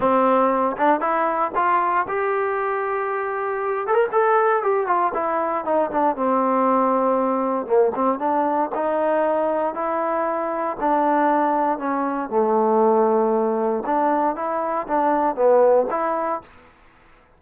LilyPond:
\new Staff \with { instrumentName = "trombone" } { \time 4/4 \tempo 4 = 117 c'4. d'8 e'4 f'4 | g'2.~ g'8 a'16 ais'16 | a'4 g'8 f'8 e'4 dis'8 d'8 | c'2. ais8 c'8 |
d'4 dis'2 e'4~ | e'4 d'2 cis'4 | a2. d'4 | e'4 d'4 b4 e'4 | }